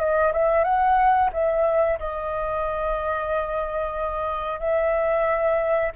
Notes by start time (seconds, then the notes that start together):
0.00 D#5
0.33 E5
0.64 F#5
1.33 E5
2.00 D#5
4.60 E5